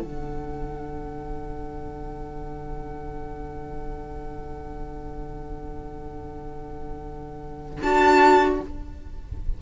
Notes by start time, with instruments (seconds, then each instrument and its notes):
0.00 cello D3, viola D4, violin A4 F#5
7.82 cello D4, viola F#4, violin A5